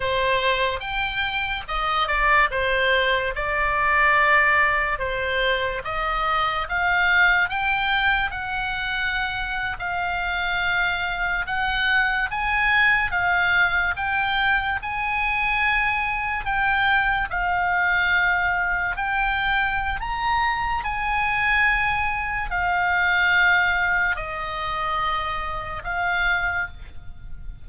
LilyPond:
\new Staff \with { instrumentName = "oboe" } { \time 4/4 \tempo 4 = 72 c''4 g''4 dis''8 d''8 c''4 | d''2 c''4 dis''4 | f''4 g''4 fis''4.~ fis''16 f''16~ | f''4.~ f''16 fis''4 gis''4 f''16~ |
f''8. g''4 gis''2 g''16~ | g''8. f''2 g''4~ g''16 | ais''4 gis''2 f''4~ | f''4 dis''2 f''4 | }